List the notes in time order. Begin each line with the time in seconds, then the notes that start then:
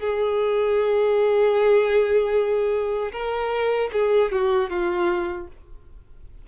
0.00 G#4
3.12 A#4
3.93 G#4
4.32 F#4
4.70 F4